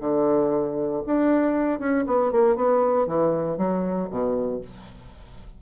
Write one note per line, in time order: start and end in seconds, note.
0.00 1.02 D3
1.06 1.79 D4
1.79 2.05 C#4
2.06 2.31 B3
2.31 2.56 A#3
2.56 3.06 B3
3.06 3.57 E3
3.57 4.08 F#3
4.10 4.61 B2